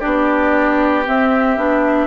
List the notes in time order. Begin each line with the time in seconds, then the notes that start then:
0.00 B3 D4 G4 D5
1.06 C4 E5
1.57 B3 D4